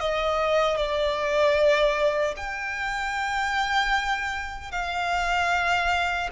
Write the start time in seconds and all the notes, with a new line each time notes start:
0.00 D#5
0.76 D5
2.36 G5
4.71 F5